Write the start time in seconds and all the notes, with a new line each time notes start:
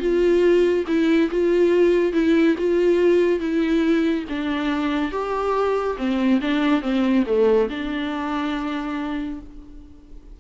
0.00 F4
0.87 E4
1.31 F4
2.13 E4
2.58 F4
3.40 E4
4.29 D4
5.12 G4
5.98 C4
6.42 D4
6.82 C4
7.27 A3
7.70 D4